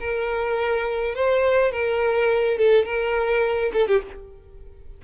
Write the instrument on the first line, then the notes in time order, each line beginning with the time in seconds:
violin
0.00 A#4
1.15 C5
1.72 A#4
2.58 A4
2.86 A#4
3.73 A4
3.88 G4